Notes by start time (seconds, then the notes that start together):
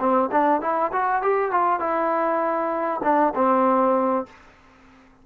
0.00 C4
0.32 D4
0.61 E4
0.93 F#4
1.23 G4
1.52 F4
1.80 E4
3.04 D4
3.36 C4